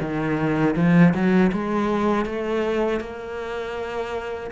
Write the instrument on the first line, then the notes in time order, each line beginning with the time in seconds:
cello
0.00 D#3
0.76 F3
1.14 F#3
1.52 G#3
2.25 A3
3.00 A#3